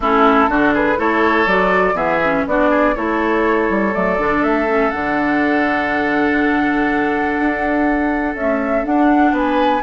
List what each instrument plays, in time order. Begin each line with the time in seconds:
0.00 bassoon A3, clarinet C#4, oboe E4, flute A4
0.48 bassoon D3, clarinet D4, oboe F#4
0.74 oboe G#4, flute B4
0.97 bassoon A3, clarinet E4, oboe A4, flute C#5
1.46 bassoon F#3, clarinet F#4, flute D5
1.94 bassoon E3, clarinet B3, oboe G#4, flute E5
2.24 clarinet C#4
2.46 bassoon B3, clarinet D4, oboe F#4, flute D5
2.70 oboe G#4
2.95 bassoon A3, clarinet E4, oboe A4, flute C#5
3.69 bassoon G3
3.92 bassoon F#3, clarinet A3, flute D5
4.18 bassoon D3, clarinet D4
4.43 bassoon A3, flute E5
4.67 clarinet C#4
4.90 bassoon D3, clarinet D4, flute F#5
7.38 bassoon D4
8.34 clarinet A3, bassoon C#4, flute E5
8.83 clarinet D4, bassoon D4, flute F#5
9.32 bassoon B3, oboe B4, flute G#5